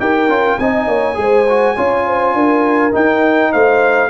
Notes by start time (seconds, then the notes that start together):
0.00 D#4 G4 A#4 G5
0.28 C#4 F4
0.59 C4 D#4 D#5 G#5
0.87 A#3 C#5
1.15 G#3 G#4
1.21 C5
1.49 F#4
1.76 C#4 F4 C#5
2.06 C5
2.34 D4 A#4
2.92 D#4 G5
3.52 A3 C5 F5